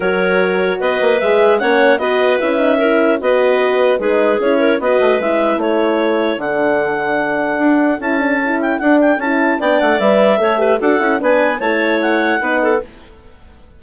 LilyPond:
<<
  \new Staff \with { instrumentName = "clarinet" } { \time 4/4 \tempo 4 = 150 cis''2 dis''4 e''4 | fis''4 dis''4 e''2 | dis''2 b'4 cis''4 | dis''4 e''4 cis''2 |
fis''1 | a''4. g''8 fis''8 g''8 a''4 | g''8 fis''8 e''2 fis''4 | gis''4 a''4 fis''2 | }
  \new Staff \with { instrumentName = "clarinet" } { \time 4/4 ais'2 b'2 | cis''4 b'2 ais'4 | b'2 gis'4. ais'8 | b'2 a'2~ |
a'1~ | a'1 | d''2 cis''8 b'8 a'4 | b'4 cis''2 b'8 a'8 | }
  \new Staff \with { instrumentName = "horn" } { \time 4/4 fis'2. gis'4 | cis'4 fis'4 e'8 dis'8 e'4 | fis'2 dis'4 e'4 | fis'4 e'2. |
d'1 | e'8 d'8 e'4 d'4 e'4 | d'4 b'4 a'8 g'8 fis'8 e'8 | d'4 e'2 dis'4 | }
  \new Staff \with { instrumentName = "bassoon" } { \time 4/4 fis2 b8 ais8 gis4 | ais4 b4 cis'2 | b2 gis4 cis'4 | b8 a8 gis4 a2 |
d2. d'4 | cis'2 d'4 cis'4 | b8 a8 g4 a4 d'8 cis'8 | b4 a2 b4 | }
>>